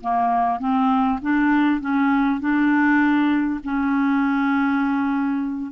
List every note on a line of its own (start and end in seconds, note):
0.00 0.59 A#3
0.59 1.19 C4
1.21 1.81 D4
1.81 2.40 C#4
2.40 3.60 D4
3.64 5.71 C#4